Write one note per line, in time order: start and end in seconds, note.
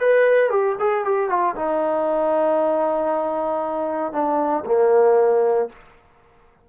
0.00 0.50 B4
0.50 0.76 G4
0.80 1.05 G#4
1.05 1.30 G4
1.30 1.55 F4
1.56 4.13 D#4
4.13 4.65 D4
4.66 5.69 A#3